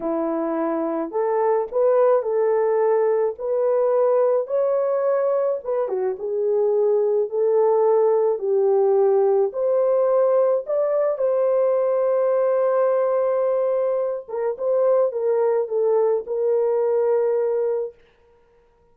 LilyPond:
\new Staff \with { instrumentName = "horn" } { \time 4/4 \tempo 4 = 107 e'2 a'4 b'4 | a'2 b'2 | cis''2 b'8 fis'8 gis'4~ | gis'4 a'2 g'4~ |
g'4 c''2 d''4 | c''1~ | c''4. ais'8 c''4 ais'4 | a'4 ais'2. | }